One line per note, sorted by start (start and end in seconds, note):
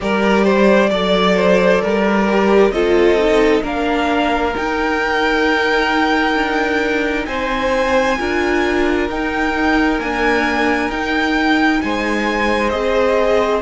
0.00 0.90 G3
0.00 0.90 G4
0.00 0.44 A#4
0.00 2.71 D5
0.44 0.89 C5
0.90 1.81 F#3
0.90 2.27 A4
0.90 1.36 D5
1.36 1.81 C5
1.81 2.71 G3
1.81 2.72 A#4
2.27 2.72 G4
2.71 3.62 C4
2.71 3.18 F4
2.71 3.62 A4
2.71 3.62 D#5
3.18 3.62 D#4
3.62 4.54 A#3
3.62 4.53 D4
3.62 7.26 A#4
3.62 4.56 F5
4.55 8.18 D#4
4.55 6.34 D#4
4.55 7.25 G5
6.34 7.25 D4
7.25 8.17 C4
7.25 8.18 C5
7.25 9.07 G#5
8.18 9.08 D4
8.18 9.09 F4
8.18 11.82 A#4
9.08 9.99 D#4
9.08 10.00 G5
9.99 10.90 A#3
9.99 10.89 D4
9.99 10.90 G#5
10.89 11.80 D#4
10.89 12.71 D#4
10.89 11.81 G5
11.81 12.72 G#3
11.81 13.62 C5
11.81 12.69 G#5
12.69 13.62 C4
12.69 13.62 G#4
12.69 13.60 D#5